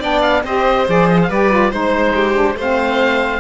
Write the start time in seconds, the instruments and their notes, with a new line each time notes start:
0.00 cello B3, saxophone D4, violin D5, oboe G5
0.21 oboe F5
0.43 cello C4, saxophone G4, violin C5, oboe D#5
0.86 cello F3, saxophone G#4, oboe D5
1.09 oboe D#5
1.22 oboe F5
1.28 cello G3, saxophone G4, violin B4, oboe D5
1.50 saxophone F4
1.70 cello G#3, saxophone D#4, violin C5, oboe C5
2.14 violin G4
2.34 saxophone D4
2.55 cello A3, saxophone C4, violin C5, oboe F5